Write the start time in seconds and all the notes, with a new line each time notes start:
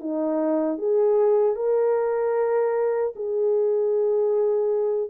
0.00 D#4
0.78 G#4
1.55 A#4
3.15 G#4